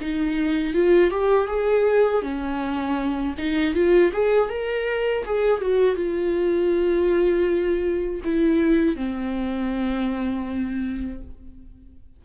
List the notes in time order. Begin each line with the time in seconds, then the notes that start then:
0.00 D#4
0.73 F4
1.10 G4
1.47 G#4
2.22 C#4
3.37 D#4
3.74 F4
4.12 G#4
4.49 A#4
5.24 G#4
5.60 F#4
5.96 F4
8.24 E4
8.96 C4